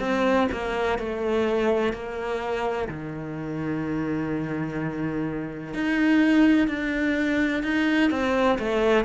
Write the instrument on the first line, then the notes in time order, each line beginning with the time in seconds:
cello
0.00 C4
0.52 A#3
0.99 A3
1.93 A#3
2.88 D#3
5.74 D#4
6.68 D4
7.63 D#4
8.10 C4
8.58 A3